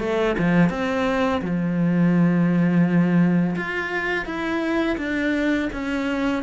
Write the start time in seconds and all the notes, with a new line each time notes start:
0.00 A3
0.39 F3
0.70 C4
1.42 F3
3.56 F4
4.26 E4
4.98 D4
5.73 C#4